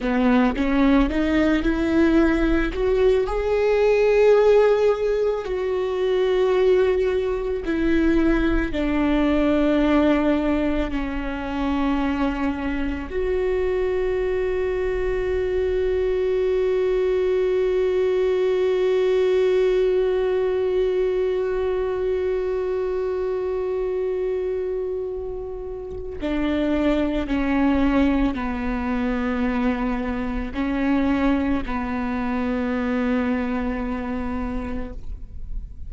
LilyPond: \new Staff \with { instrumentName = "viola" } { \time 4/4 \tempo 4 = 55 b8 cis'8 dis'8 e'4 fis'8 gis'4~ | gis'4 fis'2 e'4 | d'2 cis'2 | fis'1~ |
fis'1~ | fis'1 | d'4 cis'4 b2 | cis'4 b2. | }